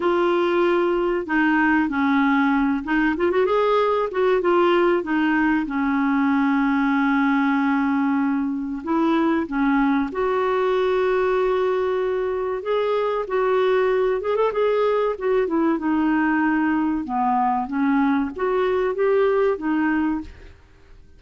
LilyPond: \new Staff \with { instrumentName = "clarinet" } { \time 4/4 \tempo 4 = 95 f'2 dis'4 cis'4~ | cis'8 dis'8 f'16 fis'16 gis'4 fis'8 f'4 | dis'4 cis'2.~ | cis'2 e'4 cis'4 |
fis'1 | gis'4 fis'4. gis'16 a'16 gis'4 | fis'8 e'8 dis'2 b4 | cis'4 fis'4 g'4 dis'4 | }